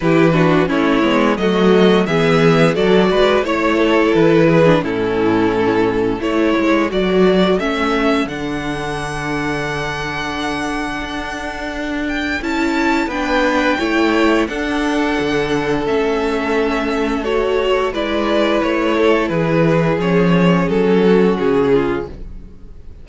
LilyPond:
<<
  \new Staff \with { instrumentName = "violin" } { \time 4/4 \tempo 4 = 87 b'4 cis''4 dis''4 e''4 | d''4 cis''4 b'4 a'4~ | a'4 cis''4 d''4 e''4 | fis''1~ |
fis''4. g''8 a''4 g''4~ | g''4 fis''2 e''4~ | e''4 cis''4 d''4 cis''4 | b'4 cis''4 a'4 gis'4 | }
  \new Staff \with { instrumentName = "violin" } { \time 4/4 g'8 fis'8 e'4 fis'4 gis'4 | a'8 b'8 cis''8 a'4 gis'8 e'4~ | e'4 a'2.~ | a'1~ |
a'2. b'4 | cis''4 a'2.~ | a'2 b'4. a'8 | gis'2~ gis'8 fis'4 f'8 | }
  \new Staff \with { instrumentName = "viola" } { \time 4/4 e'8 d'8 cis'8 b8 a4 b4 | fis'4 e'4.~ e'16 d'16 cis'4~ | cis'4 e'4 fis'4 cis'4 | d'1~ |
d'2 e'4 d'4 | e'4 d'2 cis'4~ | cis'4 fis'4 e'2~ | e'4 cis'2. | }
  \new Staff \with { instrumentName = "cello" } { \time 4/4 e4 a8 gis8 fis4 e4 | fis8 gis8 a4 e4 a,4~ | a,4 a8 gis8 fis4 a4 | d1 |
d'2 cis'4 b4 | a4 d'4 d4 a4~ | a2 gis4 a4 | e4 f4 fis4 cis4 | }
>>